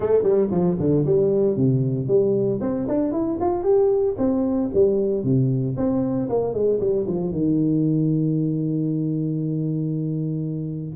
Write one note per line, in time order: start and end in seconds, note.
0.00 0.23 A3
0.23 0.49 G3
0.51 0.77 F3
0.79 1.05 D3
1.05 1.56 G3
1.56 2.07 C3
2.07 2.59 G3
2.61 2.87 C4
2.87 3.11 D4
3.11 3.37 E4
3.40 3.63 F4
3.63 4.15 G4
4.17 4.70 C4
4.74 5.23 G3
5.23 5.75 C3
5.76 6.28 C4
6.29 6.53 A#3
6.53 6.79 G#3
6.79 7.06 G3
7.07 7.31 F3
7.31 10.96 D#3